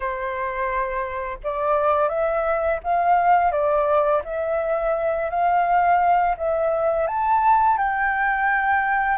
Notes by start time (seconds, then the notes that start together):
0.00 C5
1.43 D5
2.09 E5
2.83 F5
3.51 D5
4.24 E5
5.29 F5
6.37 E5
7.07 A5
7.77 G5